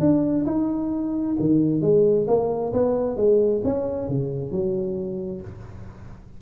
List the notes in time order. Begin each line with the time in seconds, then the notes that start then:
0.00 D4
0.46 D#4
1.40 D#3
1.82 G#3
2.27 A#3
2.73 B3
3.17 G#3
3.65 C#4
4.08 C#3
4.52 F#3